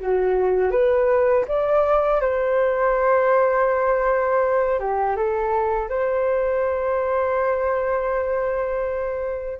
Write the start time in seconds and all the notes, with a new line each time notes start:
0.00 F#4
0.71 B4
1.48 D5
2.21 C5
4.79 G4
5.16 A4
5.89 C5